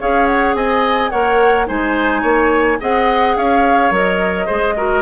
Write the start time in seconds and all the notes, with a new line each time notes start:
0.00 C#4 G#4 C#5 F5
0.27 F#5
0.55 C4 D#5 G#5
1.10 A#3 A#4 C#5 F#5
1.67 G#3 D#4 C5 G#5
2.22 A#3 C#5
2.80 C4 G#4 D#5 F#5
3.37 C#4 C#5 F5
3.91 F#3 A#4 D#5
4.46 G#3 G#4 C5
4.77 F#4 A#4